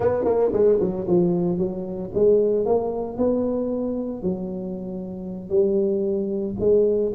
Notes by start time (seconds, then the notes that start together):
0.00 B3
0.24 A#3
0.52 G#3
0.80 F#3
1.07 F3
1.58 F#3
2.14 G#3
2.65 A#3
3.17 B3
4.22 F#3
5.49 G3
6.59 G#3